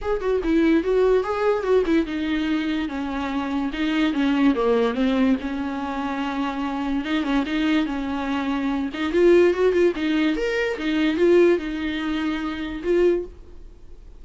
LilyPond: \new Staff \with { instrumentName = "viola" } { \time 4/4 \tempo 4 = 145 gis'8 fis'8 e'4 fis'4 gis'4 | fis'8 e'8 dis'2 cis'4~ | cis'4 dis'4 cis'4 ais4 | c'4 cis'2.~ |
cis'4 dis'8 cis'8 dis'4 cis'4~ | cis'4. dis'8 f'4 fis'8 f'8 | dis'4 ais'4 dis'4 f'4 | dis'2. f'4 | }